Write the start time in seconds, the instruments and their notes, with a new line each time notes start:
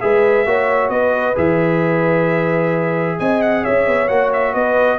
0.00 tuba G#3, trombone G#4, horn B4, trumpet E5
0.45 tuba A#3, trombone F#4, horn C#5
0.89 tuba B3, horn B4, trumpet D#5
1.35 tuba E3, trombone G#4, trumpet E5
3.19 tuba C4, horn D#5, trumpet G#5
3.41 trumpet F#5
3.63 tuba C#4, horn C#5, trumpet E5
3.87 tuba B3
4.08 tuba A#3, trombone F#4, trumpet F#5
4.32 trumpet E5
4.53 tuba B3, horn B4, trumpet D#5